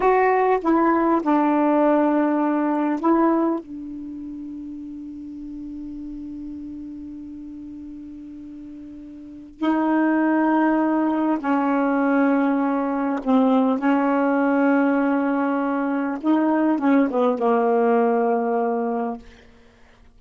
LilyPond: \new Staff \with { instrumentName = "saxophone" } { \time 4/4 \tempo 4 = 100 fis'4 e'4 d'2~ | d'4 e'4 d'2~ | d'1~ | d'1 |
dis'2. cis'4~ | cis'2 c'4 cis'4~ | cis'2. dis'4 | cis'8 b8 ais2. | }